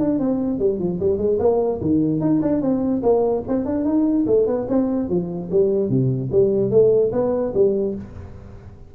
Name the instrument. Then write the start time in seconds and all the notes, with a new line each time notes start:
tuba
0.00 D4
0.19 C4
0.59 G3
0.79 F3
1.00 G3
1.18 G#3
1.40 A#3
1.81 D#3
2.21 D#4
2.42 D4
2.62 C4
3.03 A#3
3.48 C4
3.66 D4
3.85 D#4
4.27 A3
4.47 B3
4.69 C4
5.09 F3
5.51 G3
5.90 C3
6.32 G3
6.71 A3
7.13 B3
7.54 G3